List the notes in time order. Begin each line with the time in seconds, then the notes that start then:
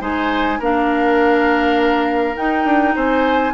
0.00 G#3 D#4 C5 G#5
0.59 A#3 D4 A#4 F5
2.36 D#4 G5
2.64 D4
2.95 C4 C5 G#5